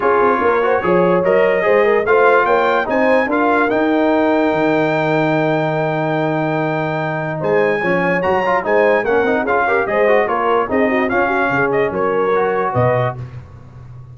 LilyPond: <<
  \new Staff \with { instrumentName = "trumpet" } { \time 4/4 \tempo 4 = 146 cis''2. dis''4~ | dis''4 f''4 g''4 gis''4 | f''4 g''2.~ | g''1~ |
g''2 gis''2 | ais''4 gis''4 fis''4 f''4 | dis''4 cis''4 dis''4 f''4~ | f''8 dis''8 cis''2 dis''4 | }
  \new Staff \with { instrumentName = "horn" } { \time 4/4 gis'4 ais'8 c''8 cis''2 | c''8 ais'8 c''4 cis''4 c''4 | ais'1~ | ais'1~ |
ais'2 c''4 cis''4~ | cis''4 c''4 ais'4 gis'8 ais'8 | c''4 ais'4 gis'8 fis'8 f'8 fis'8 | gis'4 ais'2 b'4 | }
  \new Staff \with { instrumentName = "trombone" } { \time 4/4 f'4. fis'8 gis'4 ais'4 | gis'4 f'2 dis'4 | f'4 dis'2.~ | dis'1~ |
dis'2. cis'4 | fis'8 f'8 dis'4 cis'8 dis'8 f'8 g'8 | gis'8 fis'8 f'4 dis'4 cis'4~ | cis'2 fis'2 | }
  \new Staff \with { instrumentName = "tuba" } { \time 4/4 cis'8 c'8 ais4 f4 fis4 | gis4 a4 ais4 c'4 | d'4 dis'2 dis4~ | dis1~ |
dis2 gis4 f4 | fis4 gis4 ais8 c'8 cis'4 | gis4 ais4 c'4 cis'4 | cis4 fis2 b,4 | }
>>